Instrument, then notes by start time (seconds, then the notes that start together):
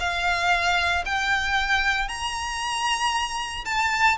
violin
0.00 F5
1.06 G5
2.08 A#5
3.65 A5